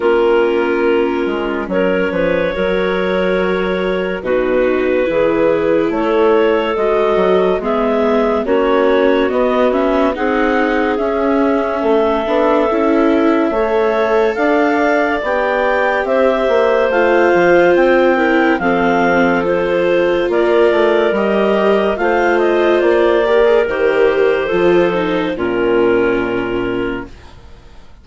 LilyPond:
<<
  \new Staff \with { instrumentName = "clarinet" } { \time 4/4 \tempo 4 = 71 ais'2 cis''2~ | cis''4 b'2 cis''4 | dis''4 e''4 cis''4 dis''8 e''8 | fis''4 e''2.~ |
e''4 f''4 g''4 e''4 | f''4 g''4 f''4 c''4 | d''4 dis''4 f''8 dis''8 d''4 | c''2 ais'2 | }
  \new Staff \with { instrumentName = "clarinet" } { \time 4/4 f'2 ais'8 b'8 ais'4~ | ais'4 fis'4 gis'4 a'4~ | a'4 gis'4 fis'2 | gis'2 a'2 |
cis''4 d''2 c''4~ | c''4. ais'8 a'2 | ais'2 c''4. ais'8~ | ais'4 a'4 f'2 | }
  \new Staff \with { instrumentName = "viola" } { \time 4/4 cis'2. fis'4~ | fis'4 dis'4 e'2 | fis'4 b4 cis'4 b8 cis'8 | dis'4 cis'4. d'8 e'4 |
a'2 g'2 | f'4. e'8 c'4 f'4~ | f'4 g'4 f'4. g'16 gis'16 | g'4 f'8 dis'8 cis'2 | }
  \new Staff \with { instrumentName = "bassoon" } { \time 4/4 ais4. gis8 fis8 f8 fis4~ | fis4 b,4 e4 a4 | gis8 fis8 gis4 ais4 b4 | c'4 cis'4 a8 b8 cis'4 |
a4 d'4 b4 c'8 ais8 | a8 f8 c'4 f2 | ais8 a8 g4 a4 ais4 | dis4 f4 ais,2 | }
>>